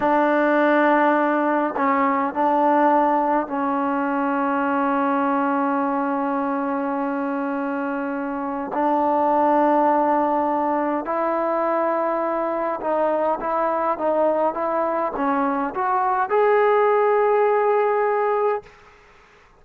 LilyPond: \new Staff \with { instrumentName = "trombone" } { \time 4/4 \tempo 4 = 103 d'2. cis'4 | d'2 cis'2~ | cis'1~ | cis'2. d'4~ |
d'2. e'4~ | e'2 dis'4 e'4 | dis'4 e'4 cis'4 fis'4 | gis'1 | }